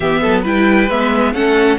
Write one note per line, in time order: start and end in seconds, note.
0.00 0.21 E3
0.00 0.45 B3
0.00 0.21 G4
0.00 0.41 E5
0.21 0.45 F#3
0.21 0.42 A4
0.42 0.90 G3
0.42 0.89 E4
0.42 1.31 B4
0.42 0.89 G5
0.89 1.33 G#3
0.89 1.34 B3
0.89 1.33 E5
1.33 1.78 A3
1.33 1.78 C#4
1.33 1.78 A4
1.33 1.78 F#5